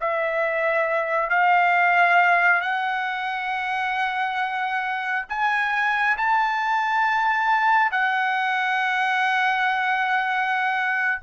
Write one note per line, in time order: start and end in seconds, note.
0.00 1.29 E5
1.29 2.61 F5
2.61 5.26 F#5
5.29 6.17 G#5
6.17 7.91 A5
7.91 11.22 F#5